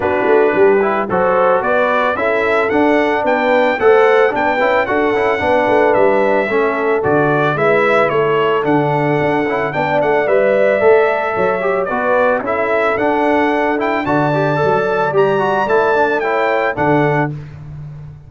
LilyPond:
<<
  \new Staff \with { instrumentName = "trumpet" } { \time 4/4 \tempo 4 = 111 b'2 a'4 d''4 | e''4 fis''4 g''4 fis''4 | g''4 fis''2 e''4~ | e''4 d''4 e''4 cis''4 |
fis''2 g''8 fis''8 e''4~ | e''2 d''4 e''4 | fis''4. g''8 a''2 | ais''4 a''4 g''4 fis''4 | }
  \new Staff \with { instrumentName = "horn" } { \time 4/4 fis'4 g'4 c''4 b'4 | a'2 b'4 c''4 | b'4 a'4 b'2 | a'2 b'4 a'4~ |
a'2 d''2~ | d''4 cis''4 b'4 a'4~ | a'2 d''2~ | d''2 cis''4 a'4 | }
  \new Staff \with { instrumentName = "trombone" } { \time 4/4 d'4. e'8 fis'2 | e'4 d'2 a'4 | d'8 e'8 fis'8 e'8 d'2 | cis'4 fis'4 e'2 |
d'4. e'8 d'4 b'4 | a'4. g'8 fis'4 e'4 | d'4. e'8 fis'8 g'8 a'4 | g'8 fis'8 e'8 d'8 e'4 d'4 | }
  \new Staff \with { instrumentName = "tuba" } { \time 4/4 b8 a8 g4 fis4 b4 | cis'4 d'4 b4 a4 | b8 cis'8 d'8 cis'8 b8 a8 g4 | a4 d4 gis4 a4 |
d4 d'8 cis'8 b8 a8 g4 | a4 fis4 b4 cis'4 | d'2 d4 fis4 | g4 a2 d4 | }
>>